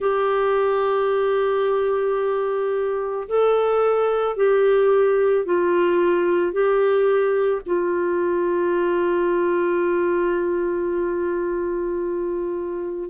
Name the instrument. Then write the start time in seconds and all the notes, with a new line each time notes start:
clarinet
0.00 G4
3.28 A4
4.36 G4
5.45 F4
6.52 G4
7.66 F4